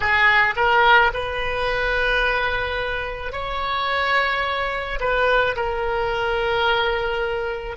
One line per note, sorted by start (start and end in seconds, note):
0.00 0.54 G#4
0.56 1.11 A#4
1.13 3.32 B4
3.32 4.98 C#5
4.99 5.55 B4
5.56 7.76 A#4